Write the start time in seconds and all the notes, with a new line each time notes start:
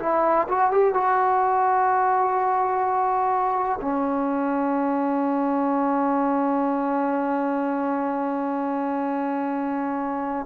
0.00 E4
0.48 F#4
0.71 G4
0.94 F#4
3.81 C#4